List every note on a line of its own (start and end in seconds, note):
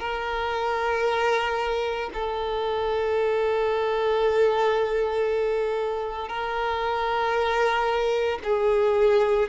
0.00 2.11 A#4
2.14 6.29 A4
6.29 8.39 A#4
8.44 9.49 G#4